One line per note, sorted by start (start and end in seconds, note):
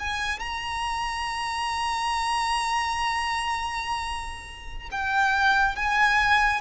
0.00 0.40 G#5
0.40 4.90 A#5
4.92 5.76 G5
5.76 6.62 G#5